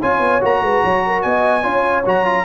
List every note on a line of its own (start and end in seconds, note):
0.00 0.20 C#4
0.00 0.41 F4
0.00 0.61 C#5
0.00 0.43 G#5
0.20 0.40 B3
0.41 0.62 A#3
0.41 1.63 F#4
0.41 1.22 A#5
0.62 0.82 G#3
0.62 0.83 B4
0.84 1.25 F#3
0.84 1.04 C#5
1.07 1.24 A#4
1.22 1.65 B3
1.22 1.64 D#5
1.22 2.04 G#5
1.63 2.05 C#4
1.63 2.04 F4
1.63 2.45 C#5
2.06 2.45 F#3
2.06 2.26 F#4
2.06 2.45 A#5
2.26 2.45 F4